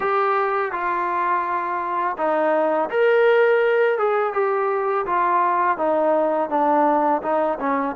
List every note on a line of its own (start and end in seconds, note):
0.00 0.72 G4
0.72 2.16 F4
2.17 2.89 D#4
2.90 3.98 A#4
3.98 4.33 G#4
4.33 5.05 G4
5.06 5.77 F4
5.77 6.49 D#4
6.49 7.21 D4
7.22 7.58 D#4
7.59 7.96 C#4